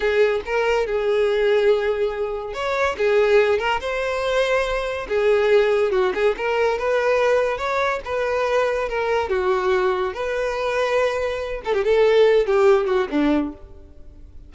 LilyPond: \new Staff \with { instrumentName = "violin" } { \time 4/4 \tempo 4 = 142 gis'4 ais'4 gis'2~ | gis'2 cis''4 gis'4~ | gis'8 ais'8 c''2. | gis'2 fis'8 gis'8 ais'4 |
b'2 cis''4 b'4~ | b'4 ais'4 fis'2 | b'2.~ b'8 a'16 g'16 | a'4. g'4 fis'8 d'4 | }